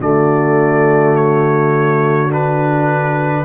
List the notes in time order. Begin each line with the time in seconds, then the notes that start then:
0.00 D3 A3 F#4 D5
1.16 C#5
2.30 D4 B4